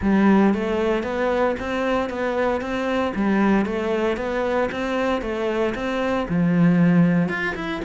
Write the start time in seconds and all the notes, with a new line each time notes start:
0.01 G3
0.54 A3
1.03 B3
1.59 C4
2.09 B3
2.61 C4
3.15 G3
3.65 A3
4.16 B3
4.71 C4
5.21 A3
5.74 C4
6.28 F3
7.29 F4
7.55 E4